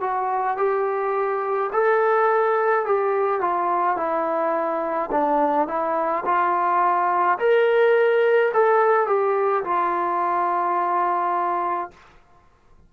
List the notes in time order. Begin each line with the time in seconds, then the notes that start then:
0.00 F#4
0.57 G4
1.72 A4
2.85 G4
3.41 F4
3.97 E4
5.11 D4
5.67 E4
6.25 F4
7.38 A#4
8.53 A4
9.07 G4
9.64 F4